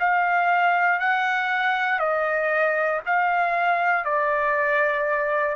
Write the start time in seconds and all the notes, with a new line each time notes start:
0.00 F5
1.00 F#5
2.00 D#5
3.06 F5
4.05 D5